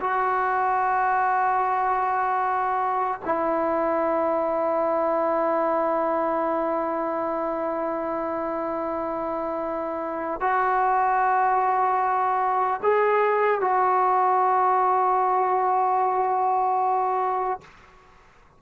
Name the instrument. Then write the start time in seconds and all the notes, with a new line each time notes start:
trombone
0.00 F#4
3.24 E4
10.40 F#4
12.83 G#4
13.60 F#4